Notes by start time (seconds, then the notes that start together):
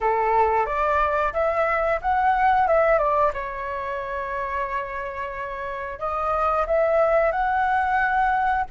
0.00 A4
0.65 D5
1.33 E5
2.02 F#5
2.67 E5
2.98 D5
3.33 C#5
5.99 D#5
6.66 E5
7.31 F#5